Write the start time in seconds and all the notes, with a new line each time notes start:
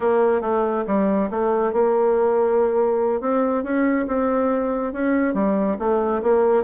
0.00 A#3
0.41 A3
0.86 G3
1.30 A3
1.72 A#3
3.20 C4
3.63 C#4
4.07 C4
4.92 C#4
5.34 G3
5.79 A3
6.22 A#3